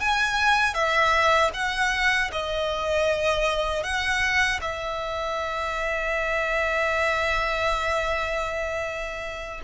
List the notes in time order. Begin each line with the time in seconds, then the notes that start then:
0.00 G#5
0.74 E5
1.54 F#5
2.32 D#5
3.83 F#5
4.61 E5